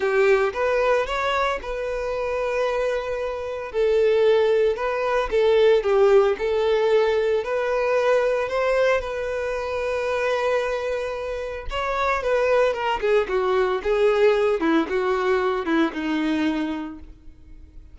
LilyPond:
\new Staff \with { instrumentName = "violin" } { \time 4/4 \tempo 4 = 113 g'4 b'4 cis''4 b'4~ | b'2. a'4~ | a'4 b'4 a'4 g'4 | a'2 b'2 |
c''4 b'2.~ | b'2 cis''4 b'4 | ais'8 gis'8 fis'4 gis'4. e'8 | fis'4. e'8 dis'2 | }